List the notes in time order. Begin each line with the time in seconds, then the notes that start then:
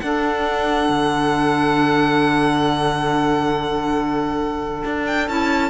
0.00 D4 A4 F#5
0.89 D3
4.85 D4
5.07 G5
5.29 C#4 E4 A5